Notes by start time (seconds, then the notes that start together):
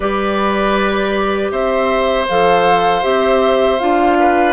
0.00 G3 G4 B4 D5
1.51 C4 C5 E5
2.27 F3 A4 F5
3.02 C4 G4 E5
3.79 D4 F4 F5
4.19 B4